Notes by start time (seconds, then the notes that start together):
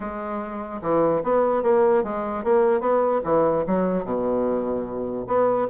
0.00 G#3
0.81 E3
1.23 B3
1.63 A#3
2.03 G#3
2.44 A#3
2.80 B3
3.24 E3
3.66 F#3
4.04 B2
5.27 B3